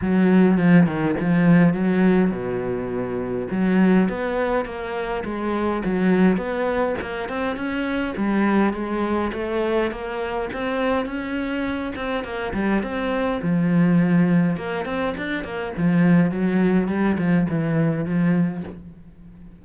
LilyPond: \new Staff \with { instrumentName = "cello" } { \time 4/4 \tempo 4 = 103 fis4 f8 dis8 f4 fis4 | b,2 fis4 b4 | ais4 gis4 fis4 b4 | ais8 c'8 cis'4 g4 gis4 |
a4 ais4 c'4 cis'4~ | cis'8 c'8 ais8 g8 c'4 f4~ | f4 ais8 c'8 d'8 ais8 f4 | fis4 g8 f8 e4 f4 | }